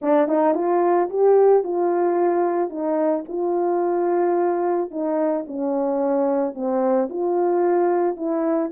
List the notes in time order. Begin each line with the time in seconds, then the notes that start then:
0.01 D4
0.28 D#4
0.54 F4
1.09 G4
1.63 F4
2.69 D#4
3.28 F4
4.90 D#4
5.47 C#4
6.54 C4
7.09 F4
8.16 E4